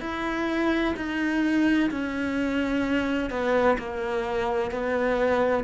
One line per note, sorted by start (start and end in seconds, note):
0.00 0.94 E4
0.96 1.90 D#4
1.90 3.30 C#4
3.30 3.77 B3
3.78 4.70 A#3
4.70 5.63 B3